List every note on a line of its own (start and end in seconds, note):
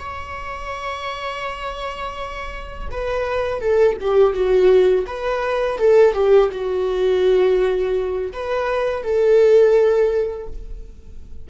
0.00 2.89 C#5
2.91 3.61 B4
3.61 3.98 A4
4.01 4.34 G4
4.34 5.06 F#4
5.07 5.79 B4
5.79 6.14 A4
6.14 6.50 G4
6.52 8.33 F#4
8.33 9.03 B4
9.03 10.48 A4